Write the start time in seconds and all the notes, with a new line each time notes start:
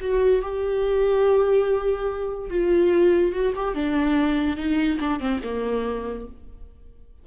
0.00 F#4
0.42 G4
2.49 F4
3.32 F#4
3.55 G4
3.74 D4
4.57 D#4
5.00 D4
5.20 C4
5.43 A#3